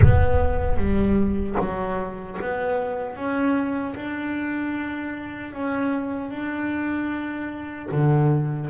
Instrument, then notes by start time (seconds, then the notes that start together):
double bass
0.02 B3
0.76 G3
1.59 F#3
2.41 B3
3.15 C#4
3.95 D4
5.53 C#4
6.30 D4
7.91 D3